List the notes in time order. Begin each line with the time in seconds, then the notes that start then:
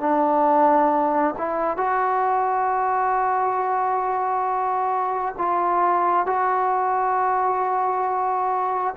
0.00 D4
1.38 E4
1.77 F#4
5.38 F4
6.26 F#4